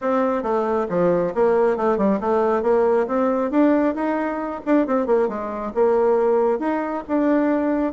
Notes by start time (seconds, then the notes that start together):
0.01 C4
0.43 A3
0.89 F3
1.34 A#3
1.76 A3
1.97 G3
2.20 A3
2.62 A#3
3.07 C4
3.51 D4
3.94 D#4
4.65 D4
4.86 C4
5.06 A#3
5.28 G#3
5.74 A#3
6.59 D#4
7.08 D4